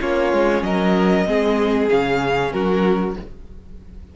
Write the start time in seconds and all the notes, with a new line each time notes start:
0.00 A#3 C#4 F4 C#5
0.33 G#3
0.62 F#3 A#4 D#5
1.26 G#3 C4 G#4
1.89 C#3 C#4 F5
2.52 F#3 F#4 A#4